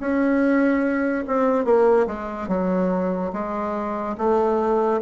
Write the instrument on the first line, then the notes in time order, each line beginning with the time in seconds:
bassoon
0.00 C#4
1.27 C4
1.65 A#3
2.07 G#3
2.48 F#3
3.33 G#3
4.18 A3